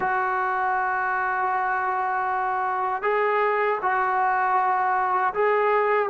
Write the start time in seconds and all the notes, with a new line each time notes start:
0.00 F#4
3.02 G#4
3.81 F#4
5.34 G#4